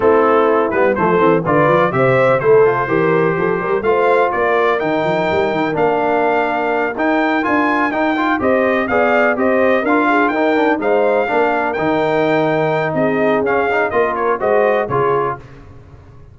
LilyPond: <<
  \new Staff \with { instrumentName = "trumpet" } { \time 4/4 \tempo 4 = 125 a'4. b'8 c''4 d''4 | e''4 c''2. | f''4 d''4 g''2 | f''2~ f''8 g''4 gis''8~ |
gis''8 g''4 dis''4 f''4 dis''8~ | dis''8 f''4 g''4 f''4.~ | f''8 g''2~ g''8 dis''4 | f''4 dis''8 cis''8 dis''4 cis''4 | }
  \new Staff \with { instrumentName = "horn" } { \time 4/4 e'2 a'4 b'4 | c''4 a'4 ais'4 a'8 ais'8 | c''4 ais'2.~ | ais'1~ |
ais'4. c''4 d''4 c''8~ | c''8 ais'8 gis'8 ais'4 c''4 ais'8~ | ais'2. gis'4~ | gis'4 ais'4 c''4 gis'4 | }
  \new Staff \with { instrumentName = "trombone" } { \time 4/4 c'4. b8 a8 c'8 f'4 | g'4 e'8 f'8 g'2 | f'2 dis'2 | d'2~ d'8 dis'4 f'8~ |
f'8 dis'8 f'8 g'4 gis'4 g'8~ | g'8 f'4 dis'8 d'8 dis'4 d'8~ | d'8 dis'2.~ dis'8 | cis'8 dis'8 f'4 fis'4 f'4 | }
  \new Staff \with { instrumentName = "tuba" } { \time 4/4 a4. g8 f8 e8 d8 f8 | c4 a4 e4 f8 g8 | a4 ais4 dis8 f8 g8 dis8 | ais2~ ais8 dis'4 d'8~ |
d'8 dis'4 c'4 b4 c'8~ | c'8 d'4 dis'4 gis4 ais8~ | ais8 dis2~ dis8 c'4 | cis'4 ais4 gis4 cis4 | }
>>